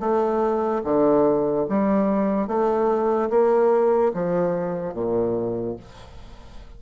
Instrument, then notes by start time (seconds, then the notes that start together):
bassoon
0.00 A3
0.84 D3
1.69 G3
2.47 A3
3.30 A#3
4.14 F3
4.94 A#2